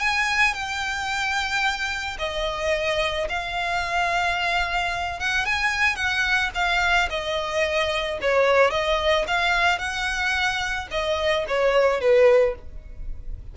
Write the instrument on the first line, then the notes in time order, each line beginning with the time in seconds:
violin
0.00 G#5
0.54 G5
2.19 D#5
3.29 F5
5.20 F#5
5.45 G#5
5.96 F#5
6.55 F5
7.10 D#5
8.21 C#5
8.71 D#5
9.28 F5
9.79 F#5
10.91 D#5
11.48 C#5
12.00 B4